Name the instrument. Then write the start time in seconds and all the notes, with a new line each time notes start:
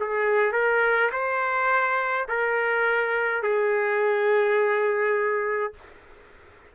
trumpet
0.00 G#4
0.52 A#4
1.12 C5
2.28 A#4
3.42 G#4